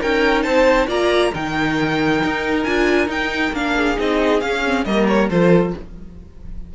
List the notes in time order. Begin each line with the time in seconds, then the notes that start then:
0.00 C#4 D#4 A#4 G5
0.42 C4 C5 A5
0.87 A#3 F4 D5 A#5
1.32 D#3 D#4 A#4 G5
2.24 D#4
2.63 D4 F4 G#5
3.07 D#4 G5
3.52 A#3 D4 F5
3.76 G#4
3.97 C4 D#4 D#5
4.40 C#4 F5
4.66 C4
4.85 G3 A#3 A#4 D#5
5.07 C#5
5.29 F3 F4 A4 C5